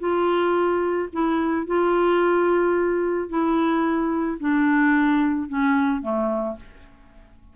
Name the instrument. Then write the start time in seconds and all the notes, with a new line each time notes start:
clarinet
0.00 F4
1.13 E4
1.67 F4
3.29 E4
4.40 D4
5.49 C#4
6.02 A3